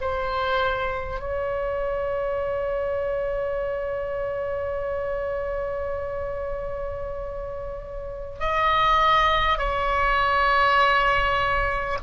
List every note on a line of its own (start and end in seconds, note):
0.00 1.19 C5
1.19 8.39 C#5
8.39 9.58 D#5
9.58 11.98 C#5